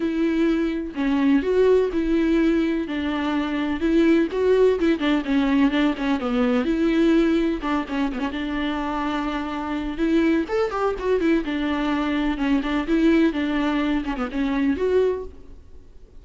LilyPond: \new Staff \with { instrumentName = "viola" } { \time 4/4 \tempo 4 = 126 e'2 cis'4 fis'4 | e'2 d'2 | e'4 fis'4 e'8 d'8 cis'4 | d'8 cis'8 b4 e'2 |
d'8 cis'8 b16 cis'16 d'2~ d'8~ | d'4 e'4 a'8 g'8 fis'8 e'8 | d'2 cis'8 d'8 e'4 | d'4. cis'16 b16 cis'4 fis'4 | }